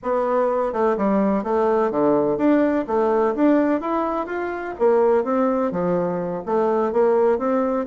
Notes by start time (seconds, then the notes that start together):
0.03 B3
0.72 A3
0.97 G3
1.43 A3
1.90 D3
2.37 D4
2.87 A3
3.35 D4
3.81 E4
4.26 F4
4.78 A#3
5.24 C4
5.71 F3
6.45 A3
6.92 A#3
7.38 C4